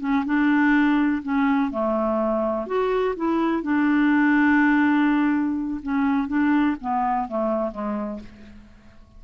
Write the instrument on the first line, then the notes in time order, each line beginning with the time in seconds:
clarinet
0.00 C#4
0.25 D4
1.23 C#4
1.71 A3
2.67 F#4
3.16 E4
3.63 D4
5.82 C#4
6.28 D4
6.80 B3
7.28 A3
7.72 G#3